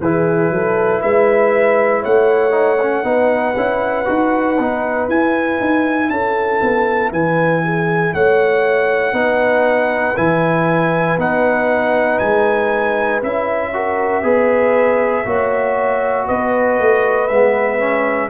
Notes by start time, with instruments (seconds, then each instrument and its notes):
0.00 tuba E3, trombone E4, horn G#4, trumpet B4
0.50 tuba F#3, horn A4
1.01 tuba G#3, horn B4, trumpet E5
2.01 tuba A3, horn C#5, trumpet F#5
2.51 trombone D#4
2.82 trombone C#4
3.03 tuba B3, trombone D#4, horn B4
3.56 tuba C#4, trombone E4
4.05 tuba D#4, trombone F#4
4.58 tuba B3, trombone D#4
5.08 tuba E4, trombone E4, trumpet G#5
5.60 tuba D#4
6.09 tuba C#4, horn A4, trumpet A5
6.61 tuba B3
7.11 tuba E3, horn B4, trumpet G#5
7.64 horn G#4
8.14 tuba A3, horn C#5, trumpet F#5
9.12 tuba B3, trombone D#4, horn B4
10.16 tuba E3, trombone E4, trumpet G#5
11.17 tuba B3, trombone D#4, trumpet F#5
12.18 tuba G#3, trumpet G#5
13.22 tuba C#4, trombone E4, trumpet E5
13.73 trombone F#4, horn A#4
14.22 tuba B3, trombone G#4, horn B4
15.25 tuba A#3, trombone F#4, horn C#5
16.26 tuba B3, horn B4, trumpet D#5
16.79 tuba A3
17.27 tuba G#3, trombone B3, trumpet E5
17.79 trombone C#4